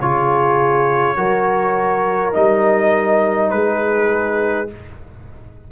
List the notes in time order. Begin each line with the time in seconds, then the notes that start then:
0.00 C#3 F4 G#4 C#5
1.17 F#3 F#4 A#4
2.33 G3 D#4 D#5
3.50 G#3 G#4 B4